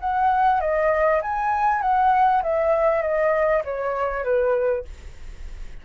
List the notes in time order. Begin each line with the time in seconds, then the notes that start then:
0.00 F#5
0.61 D#5
1.22 G#5
1.82 F#5
2.43 E5
3.02 D#5
3.64 C#5
4.24 B4